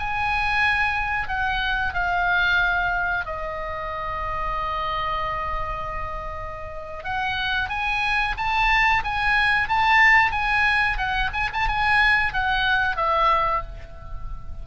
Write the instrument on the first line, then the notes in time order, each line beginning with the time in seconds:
oboe
0.00 G#5
1.29 F#5
1.94 F5
3.26 D#5
7.05 F#5
7.70 G#5
8.38 A5
9.04 G#5
9.69 A5
10.32 G#5
10.98 F#5
11.34 G#5
11.54 A5
11.69 G#5
12.34 F#5
12.97 E5